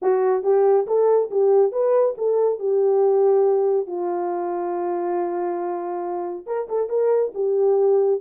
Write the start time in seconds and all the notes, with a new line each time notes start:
0.02 F#4
0.43 G4
0.86 A4
1.30 G4
1.71 B4
2.17 A4
2.59 G4
3.86 F4
6.46 A#4
6.68 A4
6.89 A#4
7.34 G4